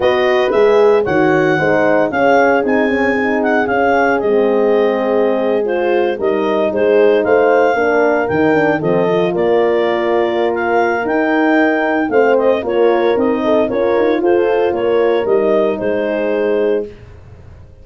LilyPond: <<
  \new Staff \with { instrumentName = "clarinet" } { \time 4/4 \tempo 4 = 114 dis''4 e''4 fis''2 | f''4 gis''4. fis''8 f''4 | dis''2~ dis''8. c''4 dis''16~ | dis''8. c''4 f''2 g''16~ |
g''8. dis''4 d''2~ d''16 | f''4 g''2 f''8 dis''8 | cis''4 dis''4 cis''4 c''4 | cis''4 dis''4 c''2 | }
  \new Staff \with { instrumentName = "horn" } { \time 4/4 b'2 cis''4 c''4 | gis'1~ | gis'2.~ gis'8. ais'16~ | ais'8. gis'4 c''4 ais'4~ ais'16~ |
ais'8. a'4 ais'2~ ais'16~ | ais'2. c''4 | ais'4. a'8 ais'4 a'4 | ais'2 gis'2 | }
  \new Staff \with { instrumentName = "horn" } { \time 4/4 fis'4 gis'4 fis'4 dis'4 | cis'4 dis'8 cis'8 dis'4 cis'4 | c'2~ c'8. f'4 dis'16~ | dis'2~ dis'8. d'4 dis'16~ |
dis'16 d'8 c'8 f'2~ f'8.~ | f'4 dis'2 c'4 | f'4 dis'4 f'2~ | f'4 dis'2. | }
  \new Staff \with { instrumentName = "tuba" } { \time 4/4 b4 gis4 dis4 gis4 | cis'4 c'2 cis'4 | gis2.~ gis8. g16~ | g8. gis4 a4 ais4 dis16~ |
dis8. f4 ais2~ ais16~ | ais4 dis'2 a4 | ais4 c'4 cis'8 dis'8 f'4 | ais4 g4 gis2 | }
>>